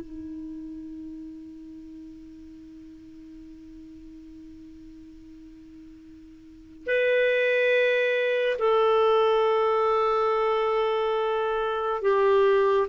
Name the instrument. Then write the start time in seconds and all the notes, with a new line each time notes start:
clarinet
0.00 D#4
6.86 B4
8.59 A4
12.02 G4